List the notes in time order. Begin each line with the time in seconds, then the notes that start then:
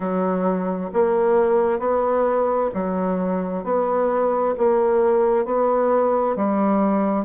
0.00 F#3
0.93 A#3
1.79 B3
2.74 F#3
3.64 B3
4.57 A#3
5.45 B3
6.36 G3